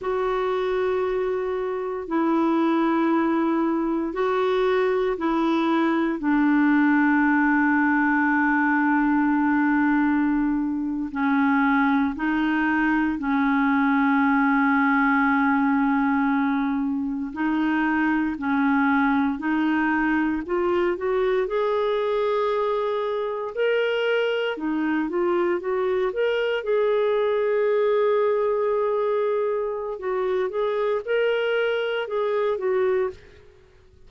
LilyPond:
\new Staff \with { instrumentName = "clarinet" } { \time 4/4 \tempo 4 = 58 fis'2 e'2 | fis'4 e'4 d'2~ | d'2~ d'8. cis'4 dis'16~ | dis'8. cis'2.~ cis'16~ |
cis'8. dis'4 cis'4 dis'4 f'16~ | f'16 fis'8 gis'2 ais'4 dis'16~ | dis'16 f'8 fis'8 ais'8 gis'2~ gis'16~ | gis'4 fis'8 gis'8 ais'4 gis'8 fis'8 | }